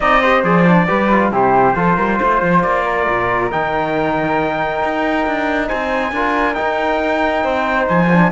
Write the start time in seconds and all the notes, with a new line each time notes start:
0.00 C4 D#4 D5 D#5
0.21 G4 C5
0.43 F3 G#4 D5
0.67 D4
0.87 G3 G4 B4
1.11 F4
1.31 C3 E4 G4 C5
1.74 F3 F4 A4
1.95 G3 A#4
2.18 A3 C5
2.42 F3
2.62 A#3 D5
2.83 A#4
3.09 A#2
3.50 D#3 D#4 G5
4.83 D#4
5.26 D4
5.67 C4 C5 G#5
6.11 D4 F4 A#4
6.54 D#4 G5
7.43 C4 C5
7.88 F3 G#5
8.12 D4